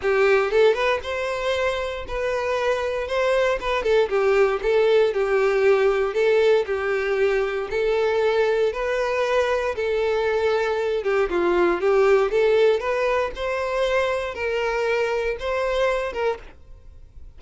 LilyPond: \new Staff \with { instrumentName = "violin" } { \time 4/4 \tempo 4 = 117 g'4 a'8 b'8 c''2 | b'2 c''4 b'8 a'8 | g'4 a'4 g'2 | a'4 g'2 a'4~ |
a'4 b'2 a'4~ | a'4. g'8 f'4 g'4 | a'4 b'4 c''2 | ais'2 c''4. ais'8 | }